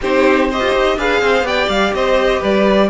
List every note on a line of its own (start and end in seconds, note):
0.01 0.60 C4
0.01 0.51 D#4
0.01 0.48 G4
0.01 0.51 C5
0.48 0.98 G4
0.48 0.97 C5
0.48 0.98 D#5
0.60 0.72 F4
0.75 0.96 D#4
0.96 1.20 D4
0.96 1.45 G#4
0.96 1.21 B4
0.96 1.47 F5
1.20 1.43 C4
1.20 1.46 C5
1.43 1.67 B3
1.43 2.89 G4
1.43 1.94 D5
1.43 1.69 G5
1.68 1.92 G3
1.68 1.93 F5
1.93 2.42 C4
1.93 2.39 C5
1.93 2.42 D#5
2.39 2.89 G3
2.39 2.87 B4
2.39 2.89 D5